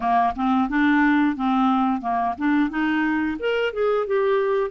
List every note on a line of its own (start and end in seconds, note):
0.00 0.33 A#3
0.35 0.69 C4
0.69 1.35 D4
1.35 2.01 C4
2.01 2.34 A#3
2.38 2.70 D4
2.70 3.37 D#4
3.39 3.73 A#4
3.73 4.06 G#4
4.06 4.70 G4